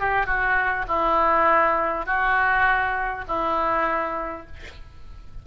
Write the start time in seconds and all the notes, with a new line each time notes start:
0.00 G4
0.26 F#4
0.88 E4
2.06 F#4
3.28 E4